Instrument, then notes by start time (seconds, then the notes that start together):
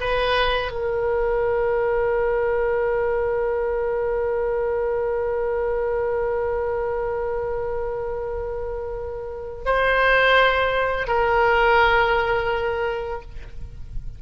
oboe
0.00 B4
0.71 A#4
9.65 C5
11.07 A#4